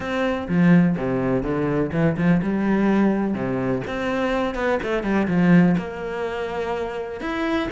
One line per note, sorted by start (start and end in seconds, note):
0.00 0.47 C4
0.48 0.96 F3
0.97 1.42 C3
1.42 1.90 D3
1.92 2.16 E3
2.17 2.41 F3
2.42 3.34 G3
3.34 3.82 C3
3.87 4.55 C4
4.55 4.79 B3
4.82 5.03 A3
5.03 5.27 G3
5.27 5.75 F3
5.77 7.20 A#3
7.20 7.68 E4